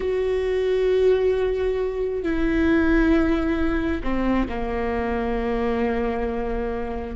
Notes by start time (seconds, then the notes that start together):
0.00 F#4
2.23 E4
4.03 C4
4.48 A#3